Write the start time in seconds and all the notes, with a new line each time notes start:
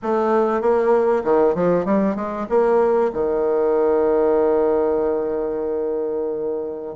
0.02 A3
0.61 A#3
1.24 D#3
1.54 F3
1.85 G3
2.15 G#3
2.49 A#3
3.13 D#3